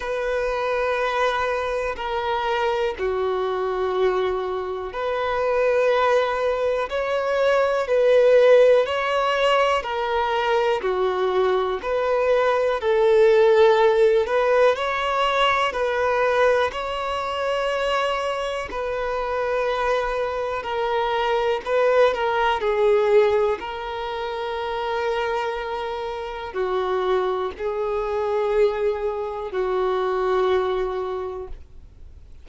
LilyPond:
\new Staff \with { instrumentName = "violin" } { \time 4/4 \tempo 4 = 61 b'2 ais'4 fis'4~ | fis'4 b'2 cis''4 | b'4 cis''4 ais'4 fis'4 | b'4 a'4. b'8 cis''4 |
b'4 cis''2 b'4~ | b'4 ais'4 b'8 ais'8 gis'4 | ais'2. fis'4 | gis'2 fis'2 | }